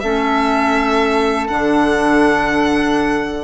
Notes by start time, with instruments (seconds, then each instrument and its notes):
0.00 bassoon A3, clarinet C#4, flute A4, violin E5
1.48 bassoon D3, clarinet D4, violin F#5